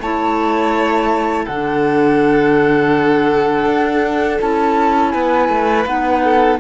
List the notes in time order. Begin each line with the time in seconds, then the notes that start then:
0.00 A3 E4 C#5 A5
1.45 D3 D4 A4 F#5
3.65 D4
4.41 C#4 E4 A5
5.10 B3 B4 G#5
5.49 A3
5.86 B3 D#4 F#5
6.24 A4